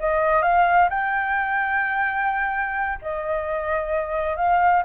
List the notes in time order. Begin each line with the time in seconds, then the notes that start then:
0.00 D#5
0.42 F5
0.90 G5
3.02 D#5
4.37 F5